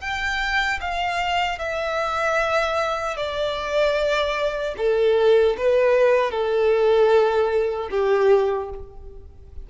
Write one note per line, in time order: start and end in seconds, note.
0.00 0.79 G5
0.80 1.59 F5
1.59 3.17 E5
3.17 4.74 D5
4.77 5.56 A4
5.57 6.31 B4
6.31 7.89 A4
7.91 8.69 G4